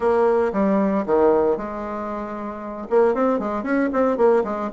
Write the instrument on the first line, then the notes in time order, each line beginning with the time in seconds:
bassoon
0.00 A#3
0.52 G3
1.06 D#3
1.57 G#3
2.90 A#3
3.14 C4
3.39 G#3
3.63 C#4
3.92 C4
4.17 A#3
4.43 G#3